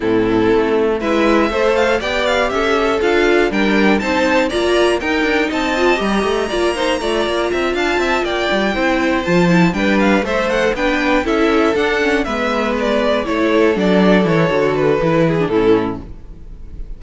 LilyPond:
<<
  \new Staff \with { instrumentName = "violin" } { \time 4/4 \tempo 4 = 120 a'2 e''4. f''8 | g''8 f''8 e''4 f''4 g''4 | a''4 ais''4 g''4 a''4 | ais''2.~ ais''8 a''8~ |
a''8 g''2 a''4 g''8 | f''8 e''8 fis''8 g''4 e''4 fis''8~ | fis''8 e''4 d''4 cis''4 d''8~ | d''8 cis''4 b'4. a'4 | }
  \new Staff \with { instrumentName = "violin" } { \time 4/4 e'2 b'4 c''4 | d''4 a'2 ais'4 | c''4 d''4 ais'4 dis''4~ | dis''4 d''8 c''8 d''4 e''8 f''8 |
e''8 d''4 c''2 b'8~ | b'8 c''4 b'4 a'4.~ | a'8 b'2 a'4.~ | a'2~ a'8 gis'8 e'4 | }
  \new Staff \with { instrumentName = "viola" } { \time 4/4 c'2 e'4 a'4 | g'2 f'4 d'4 | dis'4 f'4 dis'4. f'8 | g'4 f'8 dis'8 f'2~ |
f'4. e'4 f'8 e'8 d'8~ | d'8 a'4 d'4 e'4 d'8 | cis'8 b2 e'4 d'8~ | d'8 e'8 fis'4 e'8. d'16 cis'4 | }
  \new Staff \with { instrumentName = "cello" } { \time 4/4 a,4 a4 gis4 a4 | b4 cis'4 d'4 g4 | c'4 ais4 dis'8 d'8 c'4 | g8 a8 ais4 a8 ais8 c'8 d'8 |
c'8 ais8 g8 c'4 f4 g8~ | g8 a4 b4 cis'4 d'8~ | d'8 gis2 a4 fis8~ | fis8 e8 d4 e4 a,4 | }
>>